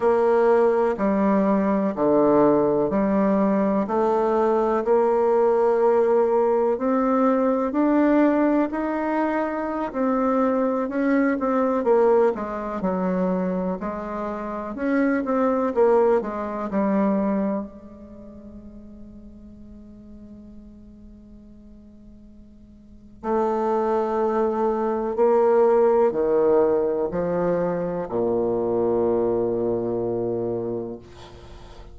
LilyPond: \new Staff \with { instrumentName = "bassoon" } { \time 4/4 \tempo 4 = 62 ais4 g4 d4 g4 | a4 ais2 c'4 | d'4 dis'4~ dis'16 c'4 cis'8 c'16~ | c'16 ais8 gis8 fis4 gis4 cis'8 c'16~ |
c'16 ais8 gis8 g4 gis4.~ gis16~ | gis1 | a2 ais4 dis4 | f4 ais,2. | }